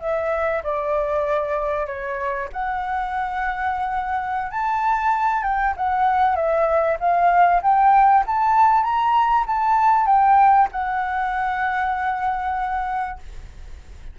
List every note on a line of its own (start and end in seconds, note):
0.00 0.62 E5
0.63 1.87 D5
1.87 2.49 C#5
2.52 4.51 F#5
4.51 5.43 A5
5.43 5.74 G5
5.76 6.36 F#5
6.36 6.98 E5
7.00 7.61 F5
7.62 8.24 G5
8.26 8.83 A5
8.83 9.45 A#5
9.46 10.06 A5
10.06 10.68 G5
10.72 13.19 F#5